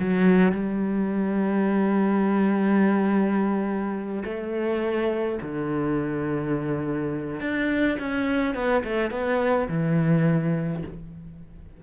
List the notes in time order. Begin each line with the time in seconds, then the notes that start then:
0.00 F#3
0.52 G3
4.25 A3
5.42 D3
7.41 D4
8.00 C#4
8.55 B3
8.84 A3
9.11 B3
9.69 E3